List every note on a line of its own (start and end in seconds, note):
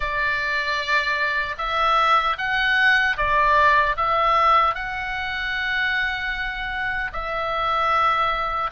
0.00 1.55 D5
1.58 2.36 E5
2.38 3.17 F#5
3.17 3.96 D5
3.96 4.74 E5
4.74 7.11 F#5
7.12 8.70 E5